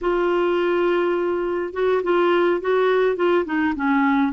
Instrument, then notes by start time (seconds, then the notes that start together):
clarinet
0.01 F4
1.73 F#4
2.03 F4
2.60 F#4
3.16 F4
3.45 D#4
3.75 C#4